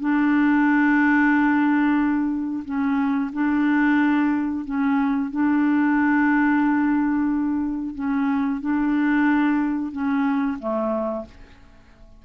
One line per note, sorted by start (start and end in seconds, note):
0.00 2.64 D4
2.65 3.31 C#4
3.33 4.65 D4
4.65 5.31 C#4
5.31 7.95 D4
7.95 8.60 C#4
8.60 9.92 D4
9.92 10.58 C#4
10.59 11.25 A3